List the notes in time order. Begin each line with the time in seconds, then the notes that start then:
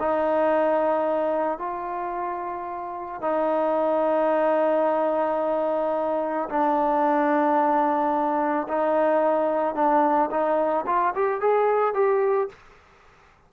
0.00 D#4
1.59 F4
3.22 D#4
6.50 D4
8.69 D#4
9.75 D4
10.31 D#4
10.87 F4
11.15 G4
11.41 G#4
11.95 G4